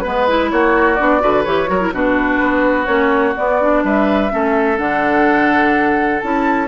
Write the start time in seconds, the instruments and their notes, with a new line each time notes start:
0.00 bassoon G#3, clarinet B3, flute B4, oboe B4
0.28 clarinet E4
0.51 bassoon A#3, oboe F#4, flute C#5
0.95 bassoon B3, clarinet D4, flute D5
1.20 bassoon D3, clarinet F#4, oboe B4
1.44 bassoon E3, clarinet G4, flute C#5
1.67 bassoon F#3, clarinet F#4, oboe A#4
1.80 clarinet E4
1.92 bassoon B2, clarinet D4, oboe F#4, flute B4
2.42 bassoon B3
2.86 bassoon A#3, clarinet C#4, flute C#5
3.37 clarinet B3, bassoon B3, flute D5
3.61 clarinet D4
3.84 bassoon G3, oboe B4, flute E5
4.30 bassoon A3, clarinet C#4, oboe A4
4.78 bassoon D3, clarinet D4, flute F#5
6.20 bassoon C#4, clarinet E4, flute A5